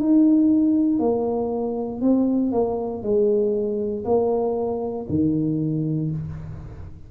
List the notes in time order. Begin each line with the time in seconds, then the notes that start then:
0.00 D#4
0.99 A#3
2.02 C4
2.52 A#3
3.03 G#3
4.05 A#3
5.09 D#3